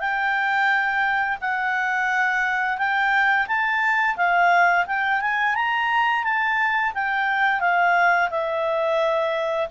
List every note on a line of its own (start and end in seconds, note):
0.00 1.38 G5
1.41 2.78 F#5
2.78 3.47 G5
3.47 4.16 A5
4.17 4.86 F5
4.87 5.21 G5
5.21 5.55 G#5
5.55 6.24 A#5
6.24 6.93 A5
6.94 7.60 G5
7.60 8.29 F5
8.30 9.68 E5